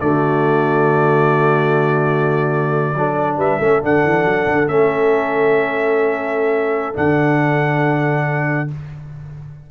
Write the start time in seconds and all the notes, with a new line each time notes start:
0.00 D3 A3 F#4 D5
2.94 F#3 D4 A4
3.37 G3 B4 E5
3.59 A3 C#4 A4
3.81 D3 D4 F#5
4.04 E3
4.24 F#3
4.46 D3
4.67 A3 C#4 E5
6.94 D3 D4 F#5